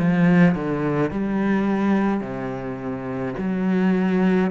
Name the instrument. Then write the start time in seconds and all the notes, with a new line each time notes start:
cello
0.00 F3
0.56 D3
1.12 G3
2.21 C3
3.39 F#3